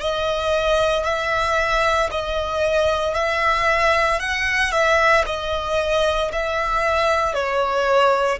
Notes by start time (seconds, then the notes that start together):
0.00 D#5
1.04 E5
2.11 D#5
3.14 E5
4.20 F#5
4.72 E5
5.26 D#5
6.33 E5
7.34 C#5